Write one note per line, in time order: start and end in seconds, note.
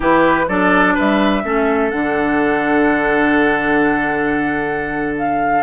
0.00 0.48 E3
0.00 0.45 E4
0.00 0.45 G4
0.00 0.48 B4
0.48 0.96 F#3
0.48 1.43 D4
0.48 0.94 A4
0.48 0.96 D5
0.94 1.44 G3
0.94 1.42 B4
0.94 1.90 E5
1.43 1.92 A3
1.43 1.91 C#4
1.43 5.62 A4
1.90 5.62 D3
1.90 5.62 D4
1.90 5.14 F#5
5.17 5.62 F5